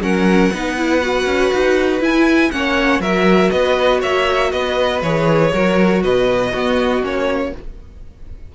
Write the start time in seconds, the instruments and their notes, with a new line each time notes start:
0.00 cello F#3, viola C#4, violin A#4 F#5
0.52 cello B3, viola D#4, violin B4
0.77 viola E4
1.01 viola F#4
1.26 cello C#4
1.53 cello D#4
2.01 viola E4, cello E4, violin G#5
2.51 cello A#3, viola C#4, violin C#5 F#5
2.99 cello F#3, viola F#4, violin A#4 E5
3.50 cello B3, violin B4 D#5
4.00 cello A#3, violin C#5 E5
4.52 cello B3, violin B4 D#5
5.02 cello E3, viola G#4, violin C#5
5.52 cello F#3, viola F#4, violin A#4
6.03 cello B2, violin B4 D#5
6.51 viola B3, cello B3, violin F#4
7.02 cello A#3, viola C#4, violin C#5